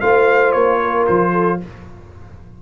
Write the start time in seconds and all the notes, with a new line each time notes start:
0.00 A3 F4 C5 F5
0.52 A#3 C#5
0.80 A#4
1.07 F3 C5
1.32 A4